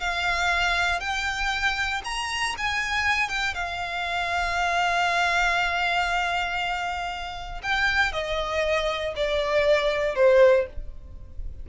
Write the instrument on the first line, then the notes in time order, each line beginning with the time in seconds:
violin
0.00 F5
1.00 G5
2.04 A#5
2.58 G#5
3.29 G5
3.54 F5
7.63 G5
8.12 D#5
9.16 D5
10.15 C5